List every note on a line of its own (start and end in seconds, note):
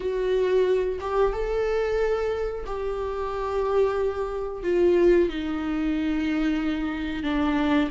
0.00 0.99 F#4
1.00 1.32 G4
1.32 2.64 A4
2.66 4.63 G4
4.63 5.29 F4
5.29 7.23 D#4
7.23 7.89 D4